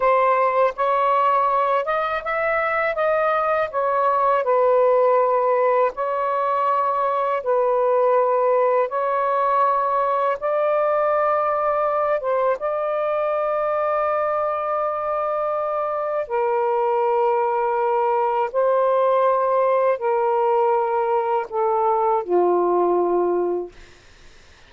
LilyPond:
\new Staff \with { instrumentName = "saxophone" } { \time 4/4 \tempo 4 = 81 c''4 cis''4. dis''8 e''4 | dis''4 cis''4 b'2 | cis''2 b'2 | cis''2 d''2~ |
d''8 c''8 d''2.~ | d''2 ais'2~ | ais'4 c''2 ais'4~ | ais'4 a'4 f'2 | }